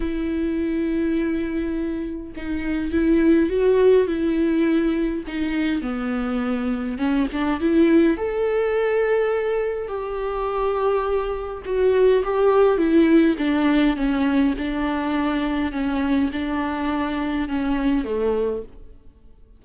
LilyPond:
\new Staff \with { instrumentName = "viola" } { \time 4/4 \tempo 4 = 103 e'1 | dis'4 e'4 fis'4 e'4~ | e'4 dis'4 b2 | cis'8 d'8 e'4 a'2~ |
a'4 g'2. | fis'4 g'4 e'4 d'4 | cis'4 d'2 cis'4 | d'2 cis'4 a4 | }